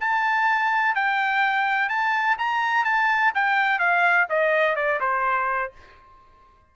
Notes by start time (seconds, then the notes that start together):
0.00 A5
0.95 G5
1.89 A5
2.38 A#5
2.84 A5
3.34 G5
3.79 F5
4.29 D#5
4.75 D5
5.00 C5